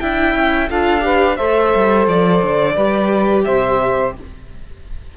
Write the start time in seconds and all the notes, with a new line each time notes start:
0.00 D4 E4 E5 G5
0.35 C#4
0.69 D4 F4 A4 F5
1.01 G4 B4
1.37 A3 A4 C5 E5
1.75 G3
2.07 F3 D5
2.42 D3
2.75 G3 G4 B4
3.44 C3 C5 E5